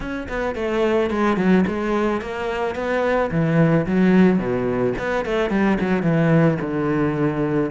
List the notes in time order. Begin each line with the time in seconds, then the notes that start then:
0.00 C#4
0.28 B3
0.55 A3
1.10 G#3
1.37 F#3
1.67 G#3
2.21 A#3
2.75 B3
3.31 E3
3.86 F#3
4.38 B2
4.98 B3
5.25 A3
5.49 G3
5.80 F#3
6.02 E3
6.60 D3